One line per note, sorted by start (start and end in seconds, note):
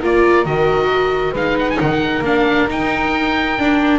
0.00 0.45 A#3
0.00 0.45 F4
0.00 1.32 A#4
0.00 0.45 D5
0.45 1.33 D#3
0.45 1.34 F#4
0.45 1.34 D#5
1.32 1.78 G#3
1.32 2.24 D#4
1.32 1.76 B4
1.32 1.58 F5
1.59 1.70 F#5
1.70 1.80 G#5
1.80 2.20 D#3
1.80 3.99 A#4
1.80 2.24 F#5
2.20 2.65 A#3
2.20 2.68 D4
2.20 2.69 F5
2.68 3.57 D#4
2.68 3.59 D#4
2.68 3.99 G5
3.58 3.99 D4